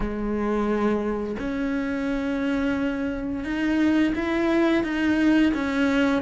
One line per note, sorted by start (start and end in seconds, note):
0.00 1.36 G#3
1.38 3.44 C#4
3.44 4.13 D#4
4.15 4.83 E4
4.83 5.52 D#4
5.54 6.22 C#4